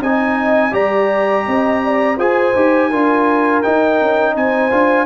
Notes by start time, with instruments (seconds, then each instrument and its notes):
0.00 tuba C4, trombone D#4, horn D#5, trumpet G#5
0.72 tuba G3, trombone G4, horn D5, trumpet A#5
1.46 tuba C4, horn D#5
1.84 horn D5
2.17 tuba F4, trombone G#4, horn C5, trumpet G#5
2.55 tuba D#4, trombone G4
2.90 tuba D4, trombone F4, horn A#4
3.62 trombone D#4, tuba D#4, trumpet G5
4.01 tuba C#4
4.35 tuba C4, horn C5, trumpet G#5
4.71 tuba D4, trombone F4